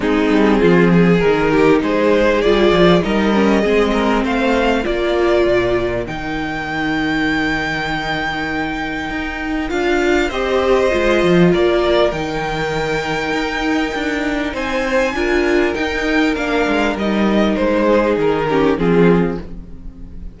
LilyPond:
<<
  \new Staff \with { instrumentName = "violin" } { \time 4/4 \tempo 4 = 99 gis'2 ais'4 c''4 | d''4 dis''2 f''4 | d''2 g''2~ | g''1 |
f''4 dis''2 d''4 | g''1 | gis''2 g''4 f''4 | dis''4 c''4 ais'4 gis'4 | }
  \new Staff \with { instrumentName = "violin" } { \time 4/4 dis'4 f'8 gis'4 g'8 gis'4~ | gis'4 ais'4 gis'8 ais'8 c''4 | ais'1~ | ais'1~ |
ais'4 c''2 ais'4~ | ais'1 | c''4 ais'2.~ | ais'4. gis'4 g'8 f'4 | }
  \new Staff \with { instrumentName = "viola" } { \time 4/4 c'2 dis'2 | f'4 dis'8 cis'8 c'2 | f'2 dis'2~ | dis'1 |
f'4 g'4 f'2 | dis'1~ | dis'4 f'4 dis'4 d'4 | dis'2~ dis'8 cis'8 c'4 | }
  \new Staff \with { instrumentName = "cello" } { \time 4/4 gis8 g8 f4 dis4 gis4 | g8 f8 g4 gis4 a4 | ais4 ais,4 dis2~ | dis2. dis'4 |
d'4 c'4 gis8 f8 ais4 | dis2 dis'4 d'4 | c'4 d'4 dis'4 ais8 gis8 | g4 gis4 dis4 f4 | }
>>